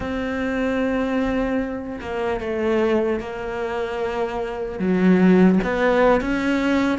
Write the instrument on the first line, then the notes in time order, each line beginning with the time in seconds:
cello
0.00 C4
2.00 A#3
2.40 A3
3.20 A#3
4.79 F#3
5.63 B3
6.20 C#4